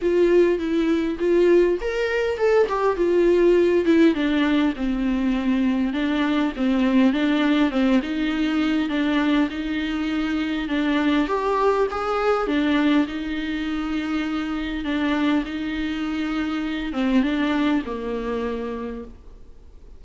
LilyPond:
\new Staff \with { instrumentName = "viola" } { \time 4/4 \tempo 4 = 101 f'4 e'4 f'4 ais'4 | a'8 g'8 f'4. e'8 d'4 | c'2 d'4 c'4 | d'4 c'8 dis'4. d'4 |
dis'2 d'4 g'4 | gis'4 d'4 dis'2~ | dis'4 d'4 dis'2~ | dis'8 c'8 d'4 ais2 | }